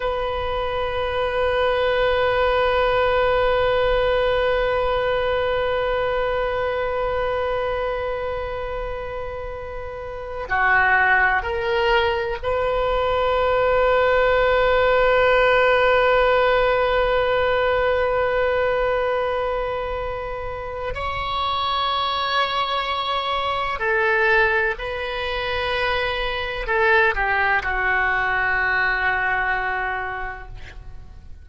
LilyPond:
\new Staff \with { instrumentName = "oboe" } { \time 4/4 \tempo 4 = 63 b'1~ | b'1~ | b'2. fis'4 | ais'4 b'2.~ |
b'1~ | b'2 cis''2~ | cis''4 a'4 b'2 | a'8 g'8 fis'2. | }